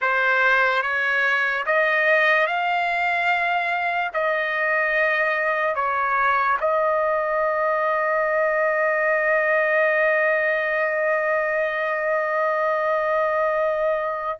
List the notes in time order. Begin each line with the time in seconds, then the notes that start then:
0.01 C5
0.82 C#5
1.66 D#5
2.47 F5
4.13 D#5
5.75 C#5
6.60 D#5